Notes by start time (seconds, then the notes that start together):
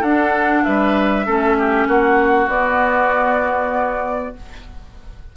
0.00 D4 A4 F#5
0.64 G3 B4 E5
1.26 A3 C#4 A4
1.59 G4
1.88 A#3 F#4 F#5
2.48 B3 D5